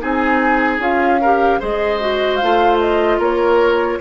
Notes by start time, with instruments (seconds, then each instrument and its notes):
0.00 bassoon C4, clarinet D#4, oboe G#4, flute G#5
0.79 bassoon C#4, clarinet F4, flute F5
1.22 clarinet G4, oboe A#4
1.60 bassoon G#3, clarinet G#4, oboe C5, flute D#5
2.01 clarinet F#4
2.37 clarinet F4, flute F5
2.43 bassoon A3
2.80 flute D#5
3.19 bassoon A#3, oboe A#4, flute C#5